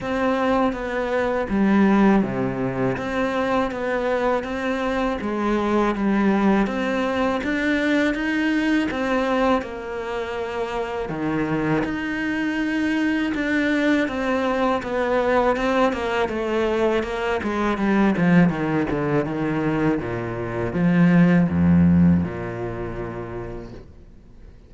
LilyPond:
\new Staff \with { instrumentName = "cello" } { \time 4/4 \tempo 4 = 81 c'4 b4 g4 c4 | c'4 b4 c'4 gis4 | g4 c'4 d'4 dis'4 | c'4 ais2 dis4 |
dis'2 d'4 c'4 | b4 c'8 ais8 a4 ais8 gis8 | g8 f8 dis8 d8 dis4 ais,4 | f4 f,4 ais,2 | }